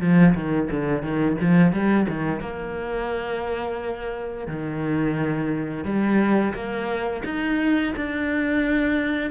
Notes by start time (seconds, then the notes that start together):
0.00 F3
0.34 D#3
0.70 D3
1.02 D#3
1.40 F3
1.72 G3
2.09 D#3
2.40 A#3
4.47 D#3
5.84 G3
6.54 A#3
7.24 D#4
7.96 D4